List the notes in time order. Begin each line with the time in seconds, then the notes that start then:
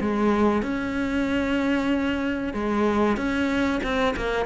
0.00 G#3
0.62 C#4
2.53 G#3
3.16 C#4
3.83 C4
4.16 A#3